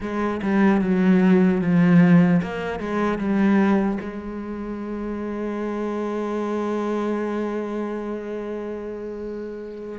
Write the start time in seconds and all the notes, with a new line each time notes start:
0.00 G#3
0.42 G3
0.81 F#3
1.61 F3
2.42 A#3
2.79 G#3
3.18 G3
4.00 G#3